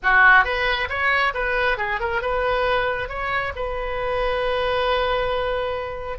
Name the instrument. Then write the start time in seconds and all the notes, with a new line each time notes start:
oboe
0.02 F#4
0.44 B4
0.89 C#5
1.34 B4
1.77 G#4
2.00 A#4
2.21 B4
3.08 C#5
3.55 B4